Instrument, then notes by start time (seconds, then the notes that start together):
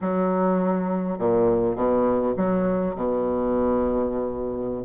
bassoon
0.01 F#3
1.18 A#2
1.75 B2
2.37 F#3
2.95 B2